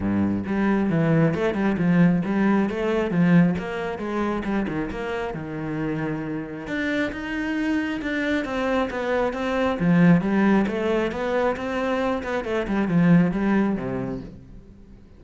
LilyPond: \new Staff \with { instrumentName = "cello" } { \time 4/4 \tempo 4 = 135 g,4 g4 e4 a8 g8 | f4 g4 a4 f4 | ais4 gis4 g8 dis8 ais4 | dis2. d'4 |
dis'2 d'4 c'4 | b4 c'4 f4 g4 | a4 b4 c'4. b8 | a8 g8 f4 g4 c4 | }